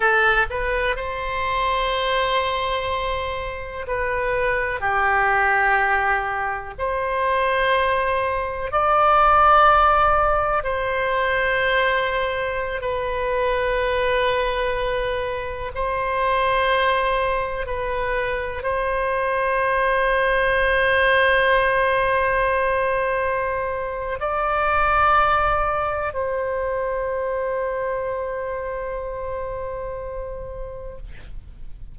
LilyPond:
\new Staff \with { instrumentName = "oboe" } { \time 4/4 \tempo 4 = 62 a'8 b'8 c''2. | b'4 g'2 c''4~ | c''4 d''2 c''4~ | c''4~ c''16 b'2~ b'8.~ |
b'16 c''2 b'4 c''8.~ | c''1~ | c''4 d''2 c''4~ | c''1 | }